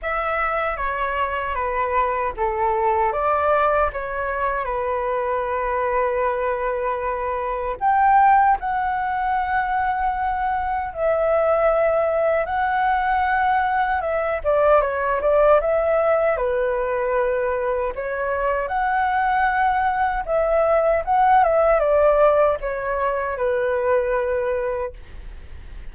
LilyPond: \new Staff \with { instrumentName = "flute" } { \time 4/4 \tempo 4 = 77 e''4 cis''4 b'4 a'4 | d''4 cis''4 b'2~ | b'2 g''4 fis''4~ | fis''2 e''2 |
fis''2 e''8 d''8 cis''8 d''8 | e''4 b'2 cis''4 | fis''2 e''4 fis''8 e''8 | d''4 cis''4 b'2 | }